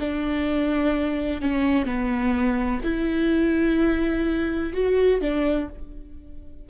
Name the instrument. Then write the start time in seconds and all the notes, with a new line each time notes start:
viola
0.00 D4
1.41 C#4
1.85 B3
2.84 E4
4.73 F#4
5.21 D4